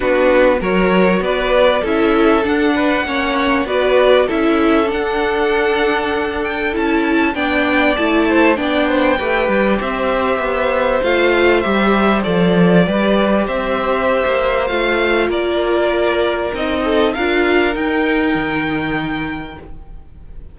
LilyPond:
<<
  \new Staff \with { instrumentName = "violin" } { \time 4/4 \tempo 4 = 98 b'4 cis''4 d''4 e''4 | fis''2 d''4 e''4 | fis''2~ fis''8 g''8 a''4 | g''4 a''4 g''2 |
e''2 f''4 e''4 | d''2 e''2 | f''4 d''2 dis''4 | f''4 g''2. | }
  \new Staff \with { instrumentName = "violin" } { \time 4/4 fis'4 ais'4 b'4 a'4~ | a'8 b'8 cis''4 b'4 a'4~ | a'1 | d''4. c''8 d''8 c''8 b'4 |
c''1~ | c''4 b'4 c''2~ | c''4 ais'2~ ais'8 a'8 | ais'1 | }
  \new Staff \with { instrumentName = "viola" } { \time 4/4 d'4 fis'2 e'4 | d'4 cis'4 fis'4 e'4 | d'2. e'4 | d'4 e'4 d'4 g'4~ |
g'2 f'4 g'4 | a'4 g'2. | f'2. dis'4 | f'4 dis'2. | }
  \new Staff \with { instrumentName = "cello" } { \time 4/4 b4 fis4 b4 cis'4 | d'4 ais4 b4 cis'4 | d'2. cis'4 | b4 a4 b4 a8 g8 |
c'4 b4 a4 g4 | f4 g4 c'4~ c'16 ais8. | a4 ais2 c'4 | d'4 dis'4 dis2 | }
>>